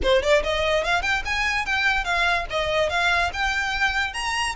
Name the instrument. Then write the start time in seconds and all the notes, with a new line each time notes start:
violin
0.02 C5
0.22 D5
0.43 D#5
0.84 F5
1.02 G5
1.25 G#5
1.65 G5
2.04 F5
2.50 D#5
2.89 F5
3.33 G5
4.13 A#5